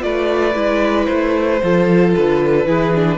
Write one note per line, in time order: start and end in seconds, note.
0.00 0.55 A3
0.00 0.53 F4
0.00 1.63 B4
0.00 1.05 D5
0.55 1.08 G#3
0.55 1.60 E4
1.05 1.62 A3
1.05 2.11 C5
1.63 2.16 F3
1.63 2.66 F4
1.63 2.68 A4
2.16 2.66 D3
2.16 3.18 B4
2.66 3.18 E3
2.66 2.93 E4
2.66 3.18 G#4
2.95 3.18 D4